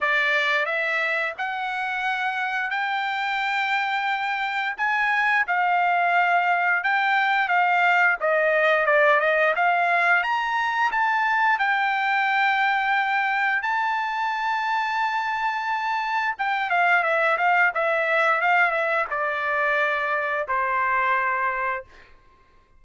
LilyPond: \new Staff \with { instrumentName = "trumpet" } { \time 4/4 \tempo 4 = 88 d''4 e''4 fis''2 | g''2. gis''4 | f''2 g''4 f''4 | dis''4 d''8 dis''8 f''4 ais''4 |
a''4 g''2. | a''1 | g''8 f''8 e''8 f''8 e''4 f''8 e''8 | d''2 c''2 | }